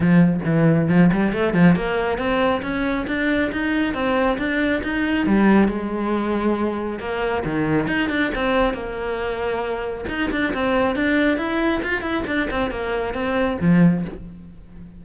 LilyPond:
\new Staff \with { instrumentName = "cello" } { \time 4/4 \tempo 4 = 137 f4 e4 f8 g8 a8 f8 | ais4 c'4 cis'4 d'4 | dis'4 c'4 d'4 dis'4 | g4 gis2. |
ais4 dis4 dis'8 d'8 c'4 | ais2. dis'8 d'8 | c'4 d'4 e'4 f'8 e'8 | d'8 c'8 ais4 c'4 f4 | }